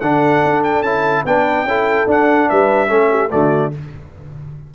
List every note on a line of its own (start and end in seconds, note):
0.00 0.43 D3
0.00 0.85 D4
0.00 1.23 A4
0.00 0.62 F#5
0.44 0.82 D4
0.63 0.82 G5
0.82 1.23 C#4
0.82 1.26 E4
0.82 1.23 A5
1.24 1.63 B3
1.24 1.67 D4
1.24 1.67 B4
1.24 2.08 G5
1.63 2.05 C#4
1.63 2.07 E4
1.63 2.48 A4
2.07 2.48 D4
2.07 2.87 D4
2.07 2.49 F#5
2.48 2.90 G3
2.48 2.88 B4
2.48 3.31 E5
2.87 3.31 A3
2.87 3.28 C#4
2.87 3.08 A4
3.10 3.30 G4
3.30 3.74 D3
3.30 3.71 A3
3.30 3.72 F#4
3.30 3.72 D5